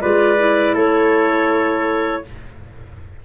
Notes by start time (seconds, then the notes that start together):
0.00 G#3 F4 B4 D5
0.38 E4
0.73 A3 A4 C#5